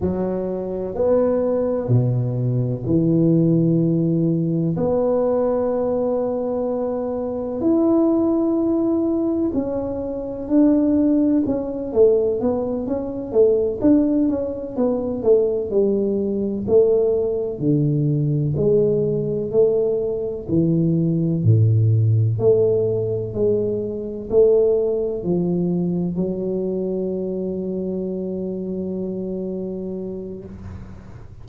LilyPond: \new Staff \with { instrumentName = "tuba" } { \time 4/4 \tempo 4 = 63 fis4 b4 b,4 e4~ | e4 b2. | e'2 cis'4 d'4 | cis'8 a8 b8 cis'8 a8 d'8 cis'8 b8 |
a8 g4 a4 d4 gis8~ | gis8 a4 e4 a,4 a8~ | a8 gis4 a4 f4 fis8~ | fis1 | }